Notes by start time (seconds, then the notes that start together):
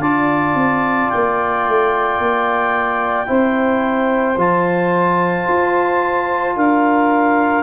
0.00 D4 F4 D5 A5
0.55 C4
1.10 A#3 G5
1.68 A3
2.19 A#3
3.26 C4 E4 C5
4.37 F3 F4 A5
5.48 F4
6.56 D4 A#4 F5